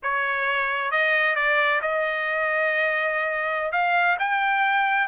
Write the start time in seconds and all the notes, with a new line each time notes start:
0.02 C#5
0.91 D#5
1.35 D5
1.81 D#5
3.72 F5
4.19 G5